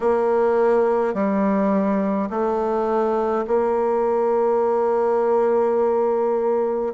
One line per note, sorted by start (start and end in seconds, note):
0.00 1.13 A#3
1.13 2.29 G3
2.30 3.45 A3
3.47 6.93 A#3